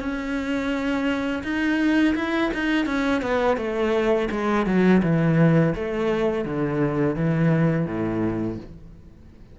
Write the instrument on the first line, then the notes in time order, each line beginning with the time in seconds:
cello
0.00 C#4
1.44 D#4
2.15 E4
2.54 D#4
2.86 C#4
3.22 B3
3.57 A3
4.31 G#3
4.66 F#3
5.03 E3
5.75 A3
6.45 D3
7.16 E3
7.86 A2